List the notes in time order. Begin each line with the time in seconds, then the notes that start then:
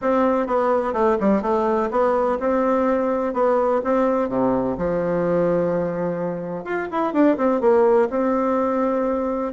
0.01 C4
0.46 B3
0.93 A3
1.19 G3
1.42 A3
1.90 B3
2.39 C4
3.33 B3
3.84 C4
4.28 C3
4.77 F3
6.64 F4
6.91 E4
7.13 D4
7.37 C4
7.61 A#3
8.10 C4